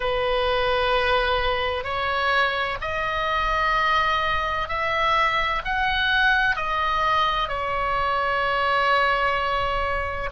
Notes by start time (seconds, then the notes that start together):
0.00 B4
1.84 C#5
2.81 D#5
4.68 E5
5.65 F#5
6.56 D#5
7.48 C#5